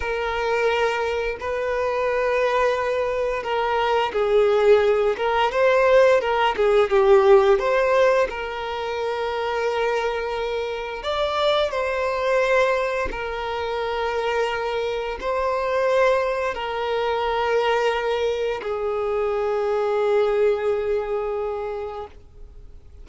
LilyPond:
\new Staff \with { instrumentName = "violin" } { \time 4/4 \tempo 4 = 87 ais'2 b'2~ | b'4 ais'4 gis'4. ais'8 | c''4 ais'8 gis'8 g'4 c''4 | ais'1 |
d''4 c''2 ais'4~ | ais'2 c''2 | ais'2. gis'4~ | gis'1 | }